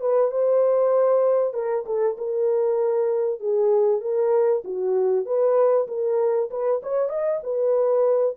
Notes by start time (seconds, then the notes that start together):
0.00 B4
0.31 C5
1.54 A#4
1.86 A4
2.17 A#4
3.40 G#4
4.01 A#4
4.64 F#4
5.25 B4
5.87 A#4
6.50 B4
6.82 C#5
7.09 D#5
7.43 B4